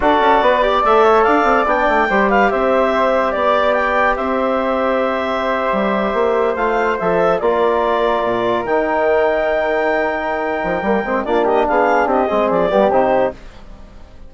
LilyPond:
<<
  \new Staff \with { instrumentName = "clarinet" } { \time 4/4 \tempo 4 = 144 d''2 e''4 f''4 | g''4. f''8 e''2 | d''4 g''4 e''2~ | e''2.~ e''8. f''16~ |
f''8. e''4 d''2~ d''16~ | d''8. g''2.~ g''16~ | g''2. d''8 dis''8 | f''4 dis''4 d''4 c''4 | }
  \new Staff \with { instrumentName = "flute" } { \time 4/4 a'4 b'8 d''4 cis''8 d''4~ | d''4 c''8 b'8 c''2 | d''2 c''2~ | c''1~ |
c''4.~ c''16 ais'2~ ais'16~ | ais'1~ | ais'2. f'8 g'8 | gis'4 g'8 gis'4 g'4. | }
  \new Staff \with { instrumentName = "trombone" } { \time 4/4 fis'4. g'8 a'2 | d'4 g'2.~ | g'1~ | g'2.~ g'8. f'16~ |
f'8. a'4 f'2~ f'16~ | f'8. dis'2.~ dis'16~ | dis'2 ais8 c'8 d'4~ | d'4. c'4 b8 dis'4 | }
  \new Staff \with { instrumentName = "bassoon" } { \time 4/4 d'8 cis'8 b4 a4 d'8 c'8 | b8 a8 g4 c'2 | b2 c'2~ | c'4.~ c'16 g4 ais4 a16~ |
a8. f4 ais2 ais,16~ | ais,8. dis2.~ dis16~ | dis4. f8 g8 gis8 ais4 | b4 c'8 gis8 f8 g8 c4 | }
>>